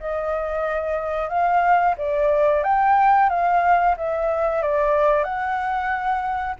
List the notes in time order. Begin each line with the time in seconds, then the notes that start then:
0.00 D#5
1.29 F5
1.97 D5
2.63 G5
3.29 F5
3.97 E5
4.62 D5
5.24 F#5